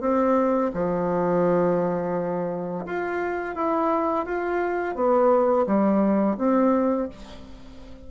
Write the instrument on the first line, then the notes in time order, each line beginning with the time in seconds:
bassoon
0.00 C4
0.73 F3
2.85 F4
3.55 E4
4.25 F4
4.95 B3
5.66 G3
6.37 C4